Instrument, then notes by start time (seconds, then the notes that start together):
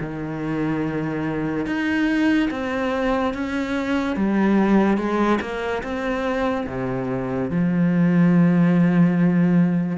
cello
0.00 D#3
1.66 D#4
2.50 C4
3.34 C#4
4.16 G3
4.97 G#3
5.41 A#3
5.83 C4
6.67 C3
7.50 F3